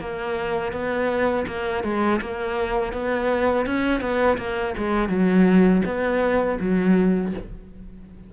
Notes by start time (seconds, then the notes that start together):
0.00 A#3
0.72 B3
1.47 A#3
1.84 G#3
2.21 A#3
2.93 B3
3.66 C#4
4.00 B3
4.37 A#3
4.78 G#3
5.09 F#3
5.85 B3
6.60 F#3